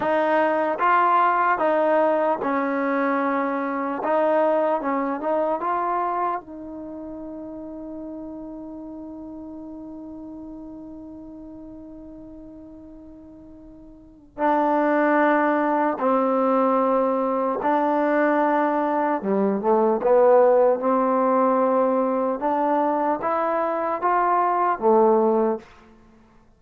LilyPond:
\new Staff \with { instrumentName = "trombone" } { \time 4/4 \tempo 4 = 75 dis'4 f'4 dis'4 cis'4~ | cis'4 dis'4 cis'8 dis'8 f'4 | dis'1~ | dis'1~ |
dis'2 d'2 | c'2 d'2 | g8 a8 b4 c'2 | d'4 e'4 f'4 a4 | }